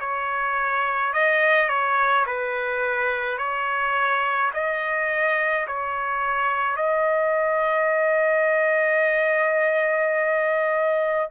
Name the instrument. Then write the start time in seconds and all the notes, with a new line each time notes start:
trumpet
0.00 C#5
1.13 D#5
1.69 C#5
2.26 B4
3.38 C#5
4.53 D#5
5.67 C#5
6.76 D#5